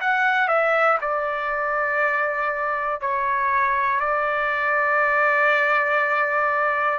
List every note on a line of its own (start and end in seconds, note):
0.00 0.48 F#5
0.48 0.98 E5
1.01 3.00 D5
3.00 4.00 C#5
4.00 6.99 D5